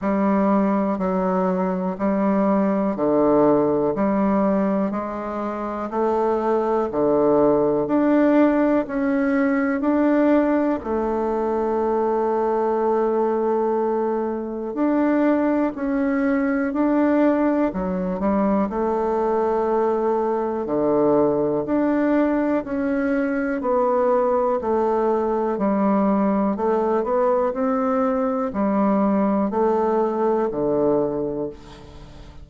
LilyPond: \new Staff \with { instrumentName = "bassoon" } { \time 4/4 \tempo 4 = 61 g4 fis4 g4 d4 | g4 gis4 a4 d4 | d'4 cis'4 d'4 a4~ | a2. d'4 |
cis'4 d'4 fis8 g8 a4~ | a4 d4 d'4 cis'4 | b4 a4 g4 a8 b8 | c'4 g4 a4 d4 | }